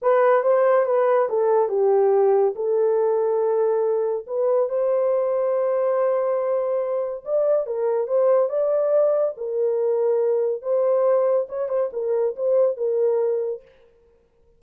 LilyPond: \new Staff \with { instrumentName = "horn" } { \time 4/4 \tempo 4 = 141 b'4 c''4 b'4 a'4 | g'2 a'2~ | a'2 b'4 c''4~ | c''1~ |
c''4 d''4 ais'4 c''4 | d''2 ais'2~ | ais'4 c''2 cis''8 c''8 | ais'4 c''4 ais'2 | }